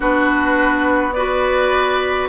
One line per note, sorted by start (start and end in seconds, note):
0.00 2.29 B3
0.00 1.11 D4
0.00 1.14 F#4
0.00 1.12 B4
1.12 2.29 F#4
1.12 2.29 B4
1.12 2.28 D5